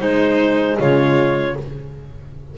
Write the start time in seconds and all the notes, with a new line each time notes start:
0.00 G#3 D#4 C5
0.79 C#3 F4 C#5